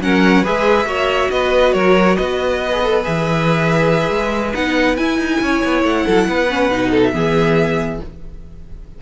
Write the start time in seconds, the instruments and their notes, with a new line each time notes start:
0.00 cello F#3, viola C#4, violin A#4 F#5
0.42 cello G#3, viola G#4, violin B4 E5
0.85 cello A#3, viola F#4, violin C#5
1.30 cello B3, violin B4 D#5
1.72 cello F#3, violin A#4 C#5
2.15 cello B3, violin B4 D#5
2.72 viola G#4
2.83 viola A4
3.03 cello E3, viola G#4, violin E5
4.09 cello G#3
4.53 cello B3, viola D#4, violin F#5
4.96 viola E4, cello E4, violin G#5
5.18 cello D#4
5.40 cello C#4, violin C#5
5.64 cello B3
5.83 cello A3, violin F#5
6.05 cello F#3, violin A4
6.28 cello B3, violin B4
6.49 viola C#4
6.69 cello B2, viola D#4
6.90 violin A4
7.03 violin E5
7.12 cello E3, viola B3, violin G#4